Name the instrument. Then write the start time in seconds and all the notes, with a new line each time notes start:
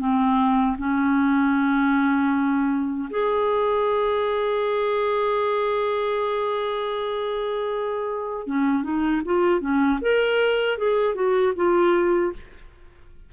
clarinet
0.00 C4
0.79 C#4
3.10 G#4
8.47 C#4
8.84 D#4
9.26 F4
9.61 C#4
10.02 A#4
10.78 G#4
11.15 F#4
11.56 F4